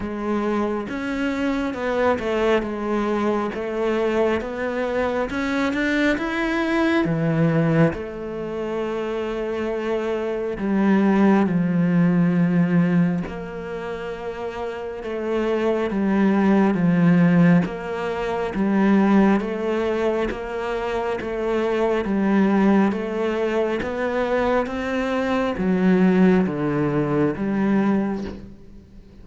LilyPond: \new Staff \with { instrumentName = "cello" } { \time 4/4 \tempo 4 = 68 gis4 cis'4 b8 a8 gis4 | a4 b4 cis'8 d'8 e'4 | e4 a2. | g4 f2 ais4~ |
ais4 a4 g4 f4 | ais4 g4 a4 ais4 | a4 g4 a4 b4 | c'4 fis4 d4 g4 | }